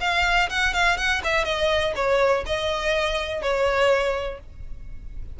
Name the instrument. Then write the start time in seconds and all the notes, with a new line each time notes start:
violin
0.00 F5
0.49 F#5
0.73 F5
0.97 F#5
1.24 E5
1.44 D#5
1.95 C#5
2.45 D#5
3.42 C#5